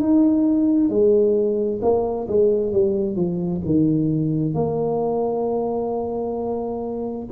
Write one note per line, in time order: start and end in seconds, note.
0.00 0.90 D#4
0.90 1.81 G#3
1.82 2.28 A#3
2.29 2.73 G#3
2.73 3.16 G3
3.16 3.62 F3
3.66 4.55 D#3
4.55 7.27 A#3